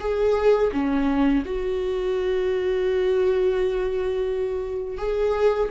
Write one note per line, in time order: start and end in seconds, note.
0.00 0.71 G#4
0.72 1.44 C#4
1.46 4.98 F#4
4.98 5.69 G#4